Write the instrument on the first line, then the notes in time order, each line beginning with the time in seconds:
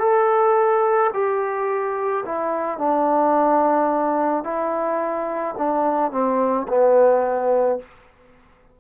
trombone
0.00 A4
1.14 G4
2.26 E4
2.78 D4
4.44 E4
5.58 D4
6.12 C4
6.69 B3